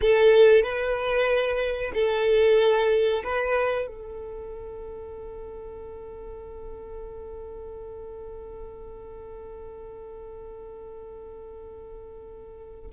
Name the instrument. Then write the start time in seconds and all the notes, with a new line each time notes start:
violin
0.01 A4
0.62 B4
1.94 A4
3.23 B4
3.87 A4